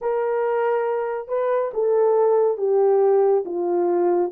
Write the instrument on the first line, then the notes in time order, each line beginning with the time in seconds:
horn
0.01 A#4
1.28 B4
1.73 A4
2.57 G4
3.45 F4